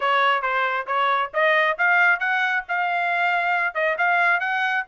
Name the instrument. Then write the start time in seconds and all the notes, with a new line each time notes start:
trumpet
0.00 C#5
0.42 C5
0.86 C#5
1.33 D#5
1.78 F5
2.19 F#5
2.68 F5
3.74 D#5
3.98 F5
4.40 F#5